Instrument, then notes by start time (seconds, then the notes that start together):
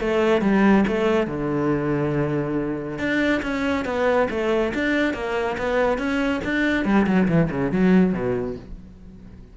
cello
0.00 A3
0.41 G3
0.87 A3
1.27 D3
2.98 D4
3.42 C#4
3.85 B3
4.30 A3
4.74 D4
5.14 A#3
5.58 B3
5.98 C#4
6.44 D4
6.85 G3
7.06 F#3
7.28 E3
7.50 C#3
7.71 F#3
8.13 B2